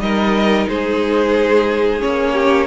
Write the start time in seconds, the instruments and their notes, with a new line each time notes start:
0.00 cello G3, viola D#4, violin A#4 D#5
0.68 cello G#3, violin G#4 C5
2.00 cello A#3, viola C#4, violin C#5
2.33 violin G4